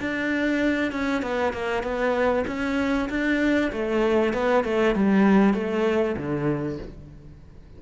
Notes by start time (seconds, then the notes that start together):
0.00 D4
0.92 C#4
1.22 B3
1.53 A#3
1.83 B3
2.47 C#4
3.10 D4
3.72 A3
4.33 B3
4.64 A3
4.95 G3
5.54 A3
6.16 D3